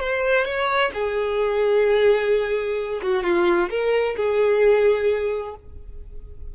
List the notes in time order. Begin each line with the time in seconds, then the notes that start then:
0.00 C5
0.45 C#5
0.94 G#4
3.02 F#4
3.23 F4
3.69 A#4
4.16 G#4